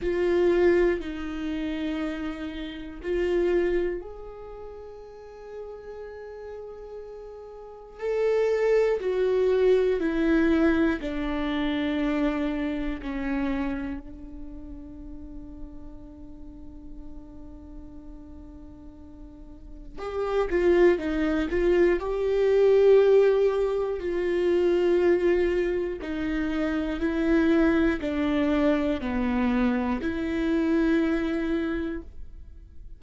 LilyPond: \new Staff \with { instrumentName = "viola" } { \time 4/4 \tempo 4 = 60 f'4 dis'2 f'4 | gis'1 | a'4 fis'4 e'4 d'4~ | d'4 cis'4 d'2~ |
d'1 | g'8 f'8 dis'8 f'8 g'2 | f'2 dis'4 e'4 | d'4 b4 e'2 | }